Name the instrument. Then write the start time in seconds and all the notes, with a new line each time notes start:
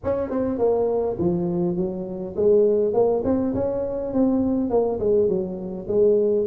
tuba
0.03 C#4
0.30 C4
0.58 A#3
1.18 F3
1.76 F#3
2.36 G#3
2.93 A#3
3.24 C4
3.54 C#4
4.13 C4
4.70 A#3
4.99 G#3
5.28 F#3
5.87 G#3